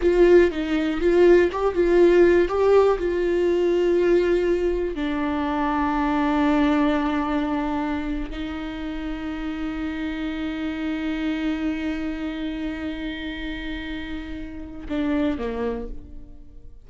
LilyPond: \new Staff \with { instrumentName = "viola" } { \time 4/4 \tempo 4 = 121 f'4 dis'4 f'4 g'8 f'8~ | f'4 g'4 f'2~ | f'2 d'2~ | d'1~ |
d'8. dis'2.~ dis'16~ | dis'1~ | dis'1~ | dis'2 d'4 ais4 | }